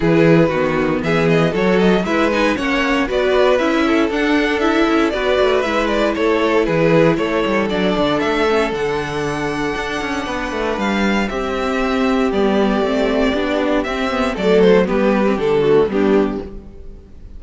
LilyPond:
<<
  \new Staff \with { instrumentName = "violin" } { \time 4/4 \tempo 4 = 117 b'2 e''8 dis''8 cis''8 dis''8 | e''8 gis''8 fis''4 d''4 e''4 | fis''4 e''4 d''4 e''8 d''8 | cis''4 b'4 cis''4 d''4 |
e''4 fis''2.~ | fis''4 f''4 e''2 | d''2. e''4 | d''8 c''8 b'4 a'4 g'4 | }
  \new Staff \with { instrumentName = "violin" } { \time 4/4 gis'4 fis'4 gis'4 a'4 | b'4 cis''4 b'4. a'8~ | a'2 b'2 | a'4 gis'4 a'2~ |
a'1 | b'2 g'2~ | g'1 | a'4 g'4. fis'8 d'4 | }
  \new Staff \with { instrumentName = "viola" } { \time 4/4 e'4 b2 fis'4 | e'8 dis'8 cis'4 fis'4 e'4 | d'4 e'4 fis'4 e'4~ | e'2. d'4~ |
d'8 cis'8 d'2.~ | d'2 c'2 | b4 c'4 d'4 c'8 b8 | a4 b8. c'16 d'8 a8 b4 | }
  \new Staff \with { instrumentName = "cello" } { \time 4/4 e4 dis4 e4 fis4 | gis4 ais4 b4 cis'4 | d'4. cis'8 b8 a8 gis4 | a4 e4 a8 g8 fis8 d8 |
a4 d2 d'8 cis'8 | b8 a8 g4 c'2 | g4 a4 b4 c'4 | fis4 g4 d4 g4 | }
>>